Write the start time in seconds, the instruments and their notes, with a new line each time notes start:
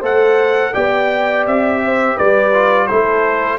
0.00 tuba A3, trombone A4, horn C5, trumpet F#5
0.74 tuba B3, trombone G4, horn D5, trumpet G5
1.47 tuba C4, trumpet E5
1.85 horn C5
2.16 tuba G3, horn B4, trumpet D5
2.54 trombone F4
2.87 tuba A3, trombone E4, horn A4, trumpet C5